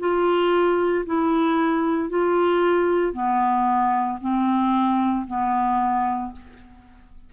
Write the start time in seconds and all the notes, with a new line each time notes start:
0.00 F4
1.06 E4
2.10 F4
3.13 B3
4.21 C4
5.27 B3